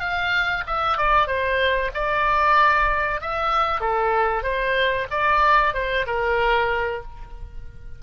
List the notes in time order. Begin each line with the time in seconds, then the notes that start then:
0.00 F5
0.67 E5
0.97 D5
1.27 C5
1.94 D5
3.21 E5
3.81 A4
4.43 C5
5.11 D5
5.74 C5
6.07 A#4